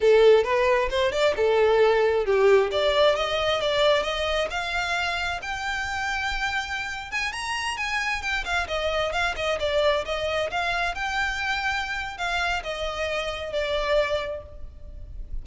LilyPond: \new Staff \with { instrumentName = "violin" } { \time 4/4 \tempo 4 = 133 a'4 b'4 c''8 d''8 a'4~ | a'4 g'4 d''4 dis''4 | d''4 dis''4 f''2 | g''2.~ g''8. gis''16~ |
gis''16 ais''4 gis''4 g''8 f''8 dis''8.~ | dis''16 f''8 dis''8 d''4 dis''4 f''8.~ | f''16 g''2~ g''8. f''4 | dis''2 d''2 | }